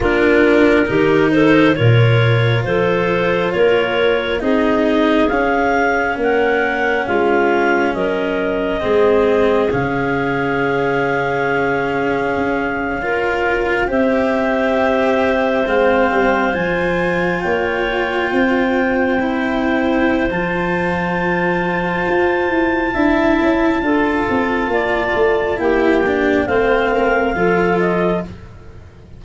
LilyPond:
<<
  \new Staff \with { instrumentName = "clarinet" } { \time 4/4 \tempo 4 = 68 ais'4. c''8 cis''4 c''4 | cis''4 dis''4 f''4 fis''4 | f''4 dis''2 f''4~ | f''2.~ f''8. e''16~ |
e''4.~ e''16 f''4 gis''4 g''16~ | g''2. a''4~ | a''1~ | a''4 g''4 f''4. dis''8 | }
  \new Staff \with { instrumentName = "clarinet" } { \time 4/4 f'4 g'8 a'8 ais'4 a'4 | ais'4 gis'2 ais'4 | f'4 ais'4 gis'2~ | gis'2~ gis'8. ais'4 c''16~ |
c''2.~ c''8. cis''16~ | cis''8. c''2.~ c''16~ | c''2 e''4 a'4 | d''4 g'4 c''8 ais'8 a'4 | }
  \new Staff \with { instrumentName = "cello" } { \time 4/4 d'4 dis'4 f'2~ | f'4 dis'4 cis'2~ | cis'2 c'4 cis'4~ | cis'2~ cis'8. f'4 g'16~ |
g'4.~ g'16 c'4 f'4~ f'16~ | f'4.~ f'16 e'4~ e'16 f'4~ | f'2 e'4 f'4~ | f'4 e'8 d'8 c'4 f'4 | }
  \new Staff \with { instrumentName = "tuba" } { \time 4/4 ais4 dis4 ais,4 f4 | ais4 c'4 cis'4 ais4 | gis4 fis4 gis4 cis4~ | cis2 cis'4.~ cis'16 c'16~ |
c'4.~ c'16 gis8 g8 f4 ais16~ | ais8. c'2~ c'16 f4~ | f4 f'8 e'8 d'8 cis'8 d'8 c'8 | ais8 a8 ais4 a4 f4 | }
>>